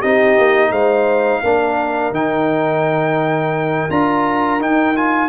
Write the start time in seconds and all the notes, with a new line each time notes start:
0.00 C4 D#4 G4 D#5
0.39 A#3
0.71 G#3 C5 F5
1.43 A#3 D4 A#4
2.11 D#3 D#4 G5
3.90 D4 F4 A#5
4.60 D#4 G5
4.96 F4 G#5